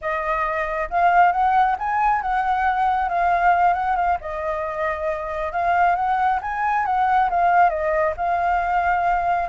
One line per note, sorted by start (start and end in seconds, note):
0.01 0.89 D#5
0.89 1.32 F5
1.32 1.76 F#5
1.79 2.21 G#5
2.21 3.08 F#5
3.08 3.73 F5
3.73 3.95 F#5
3.95 4.18 F5
4.20 5.52 D#5
5.52 5.95 F5
5.95 6.39 F#5
6.41 6.85 G#5
6.85 7.29 F#5
7.30 7.69 F5
7.69 8.13 D#5
8.17 9.49 F5